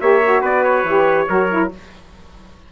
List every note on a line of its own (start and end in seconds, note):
0.00 0.41 A#3
0.00 0.22 G4
0.00 0.41 C#5
0.00 0.43 E5
0.23 0.86 F#4
0.41 0.83 B3
0.41 1.26 B4
0.41 0.64 D5
0.64 1.70 C#5
0.83 1.26 E3
0.83 1.27 G4
1.27 1.71 F#3
1.27 1.49 F#4
1.27 1.71 A#4
1.50 1.72 E4